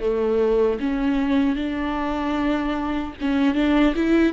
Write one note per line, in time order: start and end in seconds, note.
0.00 0.79 A3
0.80 1.56 C#4
1.56 3.14 D4
3.21 3.55 C#4
3.55 3.94 D4
3.95 4.33 E4